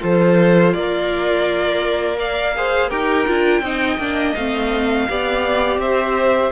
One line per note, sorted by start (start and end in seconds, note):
0.00 0.75 F3
0.00 2.17 F4
0.00 0.75 A4
0.00 0.74 C5
0.74 2.91 A#3
0.74 2.57 A#4
0.74 2.18 D5
2.18 2.54 D5
2.18 2.90 F5
2.57 2.91 G#4
2.57 2.90 C5
2.90 3.28 D#4
2.90 3.27 G4
2.90 3.62 A#4
2.90 4.34 G5
3.27 3.61 D4
3.27 3.63 F4
3.61 3.97 C4
3.61 3.99 D#4
3.61 5.08 D#5
3.98 4.34 A#3
3.98 4.35 D4
4.35 5.09 A3
4.35 5.09 C4
4.35 5.80 F5
5.09 5.78 B3
5.09 6.52 G4
5.09 5.81 D5
5.78 6.50 C4
5.78 6.52 C5
5.78 6.52 E5